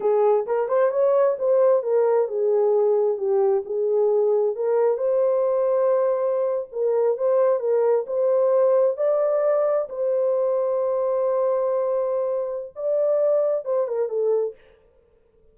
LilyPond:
\new Staff \with { instrumentName = "horn" } { \time 4/4 \tempo 4 = 132 gis'4 ais'8 c''8 cis''4 c''4 | ais'4 gis'2 g'4 | gis'2 ais'4 c''4~ | c''2~ c''8. ais'4 c''16~ |
c''8. ais'4 c''2 d''16~ | d''4.~ d''16 c''2~ c''16~ | c''1 | d''2 c''8 ais'8 a'4 | }